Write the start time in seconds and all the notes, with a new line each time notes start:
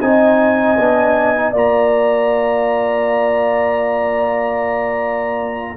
0.00 C4 D#4 D#5 G#5
0.78 B3 D4
1.36 D#4
1.51 A#3 F4 D5 A#5